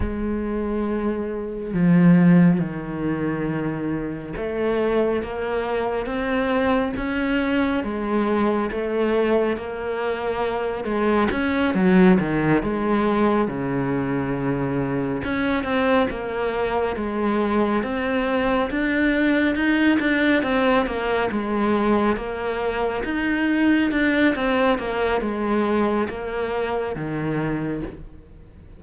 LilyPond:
\new Staff \with { instrumentName = "cello" } { \time 4/4 \tempo 4 = 69 gis2 f4 dis4~ | dis4 a4 ais4 c'4 | cis'4 gis4 a4 ais4~ | ais8 gis8 cis'8 fis8 dis8 gis4 cis8~ |
cis4. cis'8 c'8 ais4 gis8~ | gis8 c'4 d'4 dis'8 d'8 c'8 | ais8 gis4 ais4 dis'4 d'8 | c'8 ais8 gis4 ais4 dis4 | }